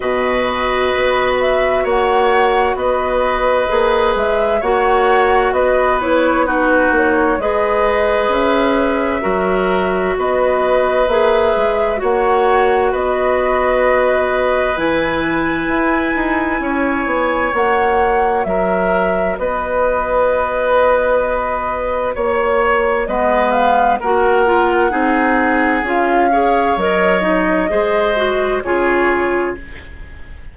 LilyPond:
<<
  \new Staff \with { instrumentName = "flute" } { \time 4/4 \tempo 4 = 65 dis''4. e''8 fis''4 dis''4~ | dis''8 e''8 fis''4 dis''8 cis''8 b'8 cis''8 | dis''4 e''2 dis''4 | e''4 fis''4 dis''2 |
gis''2. fis''4 | e''4 dis''2. | cis''4 dis''8 f''8 fis''2 | f''4 dis''2 cis''4 | }
  \new Staff \with { instrumentName = "oboe" } { \time 4/4 b'2 cis''4 b'4~ | b'4 cis''4 b'4 fis'4 | b'2 ais'4 b'4~ | b'4 cis''4 b'2~ |
b'2 cis''2 | ais'4 b'2. | cis''4 b'4 ais'4 gis'4~ | gis'8 cis''4. c''4 gis'4 | }
  \new Staff \with { instrumentName = "clarinet" } { \time 4/4 fis'1 | gis'4 fis'4. e'8 dis'4 | gis'2 fis'2 | gis'4 fis'2. |
e'2. fis'4~ | fis'1~ | fis'4 b4 fis'8 f'8 dis'4 | f'8 gis'8 ais'8 dis'8 gis'8 fis'8 f'4 | }
  \new Staff \with { instrumentName = "bassoon" } { \time 4/4 b,4 b4 ais4 b4 | ais8 gis8 ais4 b4. ais8 | gis4 cis'4 fis4 b4 | ais8 gis8 ais4 b2 |
e4 e'8 dis'8 cis'8 b8 ais4 | fis4 b2. | ais4 gis4 ais4 c'4 | cis'4 fis4 gis4 cis4 | }
>>